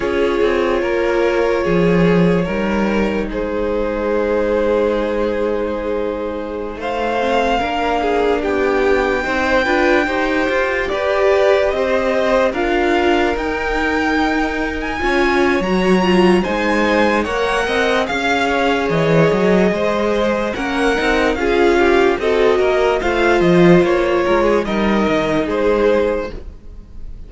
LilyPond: <<
  \new Staff \with { instrumentName = "violin" } { \time 4/4 \tempo 4 = 73 cis''1 | c''1~ | c''16 f''2 g''4.~ g''16~ | g''4~ g''16 d''4 dis''4 f''8.~ |
f''16 g''4.~ g''16 gis''4 ais''4 | gis''4 fis''4 f''4 dis''4~ | dis''4 fis''4 f''4 dis''4 | f''8 dis''8 cis''4 dis''4 c''4 | }
  \new Staff \with { instrumentName = "violin" } { \time 4/4 gis'4 ais'4 gis'4 ais'4 | gis'1~ | gis'16 c''4 ais'8 gis'8 g'4 c''8 b'16~ | b'16 c''4 b'4 c''4 ais'8.~ |
ais'2~ ais'16 cis''4.~ cis''16 | c''4 cis''8 dis''8 f''8 cis''4. | c''4 ais'4 gis'8 g'8 a'8 ais'8 | c''4. ais'16 gis'16 ais'4 gis'4 | }
  \new Staff \with { instrumentName = "viola" } { \time 4/4 f'2. dis'4~ | dis'1~ | dis'8. c'8 d'2 dis'8 f'16~ | f'16 g'2. f'8.~ |
f'16 dis'2 f'8. fis'8 f'8 | dis'4 ais'4 gis'2~ | gis'4 cis'8 dis'8 f'4 fis'4 | f'2 dis'2 | }
  \new Staff \with { instrumentName = "cello" } { \time 4/4 cis'8 c'8 ais4 f4 g4 | gis1~ | gis16 a4 ais4 b4 c'8 d'16~ | d'16 dis'8 f'8 g'4 c'4 d'8.~ |
d'16 dis'2 cis'8. fis4 | gis4 ais8 c'8 cis'4 e8 fis8 | gis4 ais8 c'8 cis'4 c'8 ais8 | a8 f8 ais8 gis8 g8 dis8 gis4 | }
>>